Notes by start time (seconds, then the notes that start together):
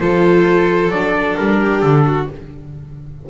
0.00 F3 F4 A4 C5
0.89 F#3 D4 D5
1.36 G3 A#4
1.59 G4
1.81 D3 A4
2.06 F#4